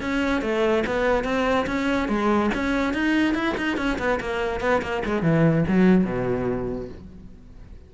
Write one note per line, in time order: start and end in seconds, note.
0.00 0.41 C#4
0.41 0.83 A3
0.86 1.24 B3
1.24 1.66 C4
1.66 2.08 C#4
2.08 2.50 G#3
2.54 2.93 C#4
2.93 3.34 D#4
3.34 3.55 E4
3.57 3.77 D#4
3.77 3.98 C#4
3.98 4.19 B3
4.20 4.60 A#3
4.60 4.81 B3
4.82 5.03 A#3
5.05 5.22 G#3
5.22 5.64 E3
5.67 6.04 F#3
6.04 6.88 B2